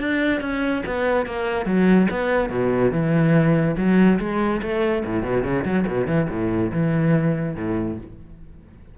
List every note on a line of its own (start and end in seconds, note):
0.00 0.41 D4
0.41 0.83 C#4
0.86 1.26 B3
1.26 1.66 A#3
1.66 2.08 F#3
2.11 2.50 B3
2.50 2.92 B2
2.92 3.76 E3
3.77 4.19 F#3
4.20 4.62 G#3
4.62 5.04 A3
5.06 5.23 A2
5.23 5.44 B2
5.44 5.65 C#3
5.65 5.86 F#3
5.87 6.07 B2
6.07 6.28 E3
6.30 6.72 A2
6.72 7.56 E3
7.56 7.98 A2